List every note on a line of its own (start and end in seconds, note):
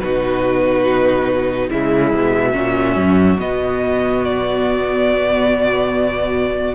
0.00 1.69 B2
0.00 1.71 D#4
0.00 1.68 F#4
0.00 1.69 B4
1.68 2.13 C#3
1.68 2.52 G#3
1.68 2.52 E4
1.68 3.39 E5
2.13 2.54 B2
2.52 2.96 A#2
2.52 3.37 C#4
2.52 6.74 F#4
2.96 3.38 F#2
3.38 6.74 B2
3.38 6.74 B3
3.38 4.24 D#5
4.24 6.74 D5